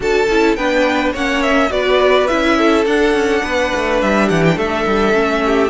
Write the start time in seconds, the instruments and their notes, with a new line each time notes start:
0.00 cello D4, viola F#4, violin A4 A5
0.28 cello C#4, viola E4
0.55 cello B3, viola D4, violin B4 G5
1.12 cello A#3, viola C#4, violin C#5 F#5
1.42 violin E5
1.69 cello B3, viola F#4, violin B4 D5
2.27 cello C#4, viola E4, violin E5
2.57 violin A4
2.85 cello D4, viola D4, violin F#5
3.13 cello C#4
3.42 cello B3, violin B4
3.75 cello A3
4.01 cello G3, violin E5
4.26 cello E3, violin G4 F#5
4.44 violin G5
4.56 cello A3, violin A4 E5
4.86 cello G3
5.13 cello A3, viola C#4
5.45 violin G4